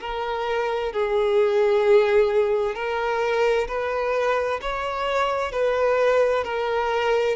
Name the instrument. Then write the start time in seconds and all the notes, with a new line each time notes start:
violin
0.00 A#4
0.92 G#4
2.75 A#4
3.68 B4
4.61 C#5
5.51 B4
6.44 A#4